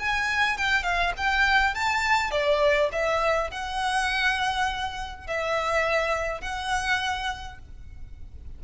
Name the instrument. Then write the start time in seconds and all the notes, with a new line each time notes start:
violin
0.00 G#5
0.58 G5
0.84 F5
1.18 G5
1.75 A5
2.32 D5
2.93 E5
3.51 F#5
5.28 E5
6.42 F#5